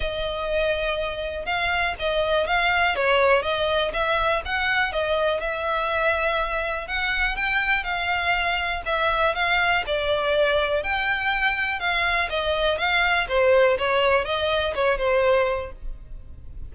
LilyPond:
\new Staff \with { instrumentName = "violin" } { \time 4/4 \tempo 4 = 122 dis''2. f''4 | dis''4 f''4 cis''4 dis''4 | e''4 fis''4 dis''4 e''4~ | e''2 fis''4 g''4 |
f''2 e''4 f''4 | d''2 g''2 | f''4 dis''4 f''4 c''4 | cis''4 dis''4 cis''8 c''4. | }